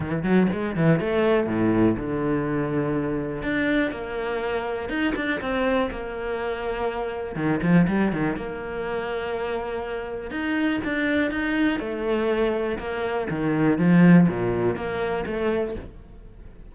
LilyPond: \new Staff \with { instrumentName = "cello" } { \time 4/4 \tempo 4 = 122 e8 fis8 gis8 e8 a4 a,4 | d2. d'4 | ais2 dis'8 d'8 c'4 | ais2. dis8 f8 |
g8 dis8 ais2.~ | ais4 dis'4 d'4 dis'4 | a2 ais4 dis4 | f4 ais,4 ais4 a4 | }